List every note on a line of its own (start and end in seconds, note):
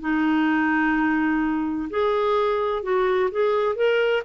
0.00 1.89 D#4
1.90 2.83 G#4
2.83 3.30 F#4
3.31 3.75 G#4
3.75 4.23 A#4